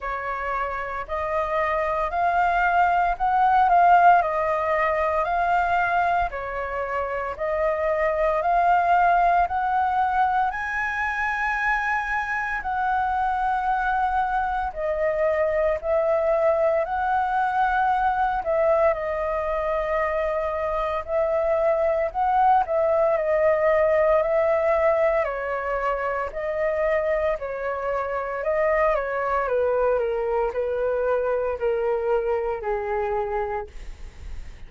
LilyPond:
\new Staff \with { instrumentName = "flute" } { \time 4/4 \tempo 4 = 57 cis''4 dis''4 f''4 fis''8 f''8 | dis''4 f''4 cis''4 dis''4 | f''4 fis''4 gis''2 | fis''2 dis''4 e''4 |
fis''4. e''8 dis''2 | e''4 fis''8 e''8 dis''4 e''4 | cis''4 dis''4 cis''4 dis''8 cis''8 | b'8 ais'8 b'4 ais'4 gis'4 | }